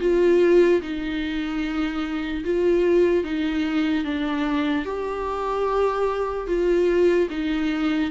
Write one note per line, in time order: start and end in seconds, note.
0.00 0.81 F4
0.81 2.44 D#4
2.44 3.24 F4
3.24 4.04 D#4
4.04 4.85 D4
4.85 6.47 G4
6.47 7.28 F4
7.30 8.10 D#4